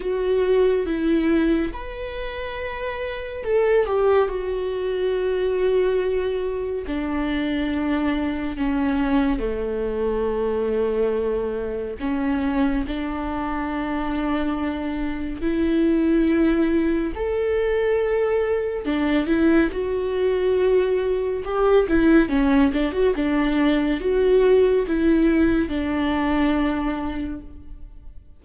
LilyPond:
\new Staff \with { instrumentName = "viola" } { \time 4/4 \tempo 4 = 70 fis'4 e'4 b'2 | a'8 g'8 fis'2. | d'2 cis'4 a4~ | a2 cis'4 d'4~ |
d'2 e'2 | a'2 d'8 e'8 fis'4~ | fis'4 g'8 e'8 cis'8 d'16 fis'16 d'4 | fis'4 e'4 d'2 | }